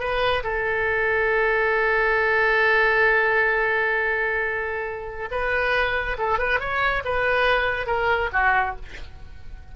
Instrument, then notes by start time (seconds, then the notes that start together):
oboe
0.00 B4
0.44 A4
5.31 B4
6.18 A4
6.39 B4
6.60 C#5
7.05 B4
7.87 A#4
8.33 F#4